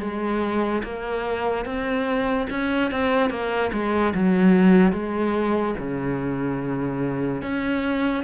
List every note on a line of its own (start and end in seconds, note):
0.00 0.82 G#3
0.83 1.65 A#3
1.65 2.47 C4
2.50 2.91 C#4
2.91 3.30 C4
3.30 3.71 A#3
3.72 4.14 G#3
4.14 4.92 F#3
4.92 5.75 G#3
5.78 7.42 C#3
7.42 8.23 C#4